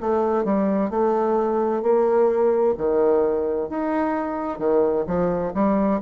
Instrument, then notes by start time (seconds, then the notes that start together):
bassoon
0.00 A3
0.44 G3
0.90 A3
1.82 A#3
2.78 D#3
3.69 D#4
4.58 D#3
5.06 F3
5.54 G3